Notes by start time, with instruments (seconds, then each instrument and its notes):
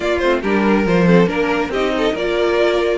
0.00 viola A#3, cello A#3, violin F4 D5
0.18 cello A3, viola C4, violin C5
0.41 cello G3, viola D4, violin G4 A#4
0.64 violin A#4
0.86 cello F3, viola F4, violin C5
1.05 viola C4, violin A4
1.27 cello A#3, viola D4, violin A#4
1.69 cello C4, violin G4 D#5
1.75 viola D#4
1.97 violin A4
2.12 cello A#3, viola F4, violin A#4 D5